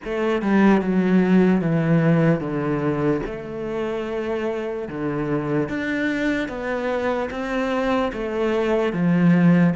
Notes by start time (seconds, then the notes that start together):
0.04 A3
0.42 G3
0.81 F#3
1.61 E3
2.40 D3
3.26 A3
4.88 D3
5.68 D4
6.48 B3
7.30 C4
8.12 A3
8.92 F3